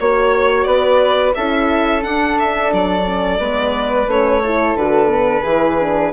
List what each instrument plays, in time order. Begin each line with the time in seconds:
0.00 bassoon A#3, horn F#4, violin C#5, flute C#5
0.64 bassoon B3, flute B4, violin D5
1.35 bassoon C#4, horn E4, flute A4, violin E5
2.01 horn D4, bassoon D4, violin F#5
2.39 violin E5
2.73 bassoon F#3, violin D5
3.05 horn C#4
3.39 bassoon G#3, horn B3, flute B4
4.07 bassoon A3, horn C#4, violin C#5
4.43 horn E4, flute A4
4.75 bassoon D3, horn F#4, violin B4
5.08 horn B3
5.43 bassoon E3, horn E4, flute G#4
5.80 horn D4